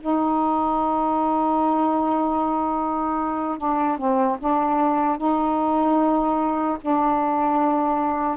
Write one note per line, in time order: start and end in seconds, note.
0.00 3.58 D#4
3.58 3.97 D4
3.97 4.37 C4
4.39 5.17 D4
5.17 6.77 D#4
6.81 8.37 D4